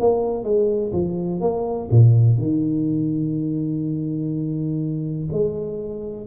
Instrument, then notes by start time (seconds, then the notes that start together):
tuba
0.00 A#3
0.44 G#3
0.93 F3
1.41 A#3
1.90 A#2
2.38 D#3
5.32 G#3